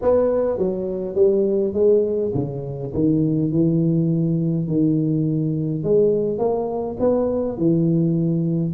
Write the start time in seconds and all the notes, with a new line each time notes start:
0.01 B3
0.58 F#3
1.15 G3
1.73 G#3
2.34 C#3
2.94 D#3
3.51 E3
4.67 D#3
5.83 G#3
6.38 A#3
6.99 B3
7.57 E3